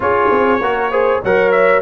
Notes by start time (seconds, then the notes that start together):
0.00 C#4 F4 G#4 C#5
0.30 C4
0.60 A#3 F#4 A#4
0.91 G#4 C5
1.22 F#3 A#4 C#5 F#5
1.51 E5